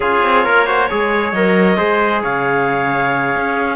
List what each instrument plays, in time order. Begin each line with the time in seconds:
0.00 cello C#4, trombone F4, trumpet G#4, clarinet C#5
0.23 cello C4
0.44 cello A#3, trumpet A#4
0.66 trombone F#4, trumpet C5
0.89 cello G#3, trombone G#4, trumpet C#5
1.32 cello F#3, trombone A#4, clarinet D#5
1.77 cello G#3, trombone G#4, trumpet C5
2.22 cello C#3, trumpet C#5, clarinet F5
3.36 cello C#4